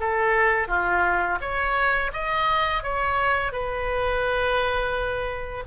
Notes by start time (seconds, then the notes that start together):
0.00 A4
0.68 F4
1.41 C#5
2.13 D#5
2.83 C#5
3.52 B4